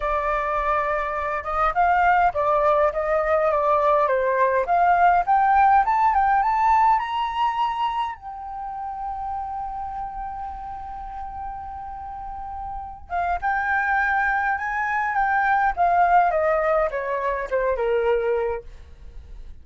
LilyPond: \new Staff \with { instrumentName = "flute" } { \time 4/4 \tempo 4 = 103 d''2~ d''8 dis''8 f''4 | d''4 dis''4 d''4 c''4 | f''4 g''4 a''8 g''8 a''4 | ais''2 g''2~ |
g''1~ | g''2~ g''8 f''8 g''4~ | g''4 gis''4 g''4 f''4 | dis''4 cis''4 c''8 ais'4. | }